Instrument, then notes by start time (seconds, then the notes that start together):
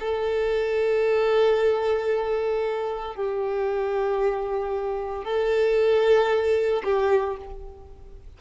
violin
0.00 A4
3.16 G4
5.25 A4
6.85 G4